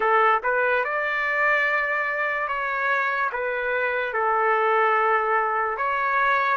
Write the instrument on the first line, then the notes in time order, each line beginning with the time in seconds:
trumpet
0.00 A4
0.43 B4
0.84 D5
2.48 C#5
3.32 B4
4.13 A4
5.77 C#5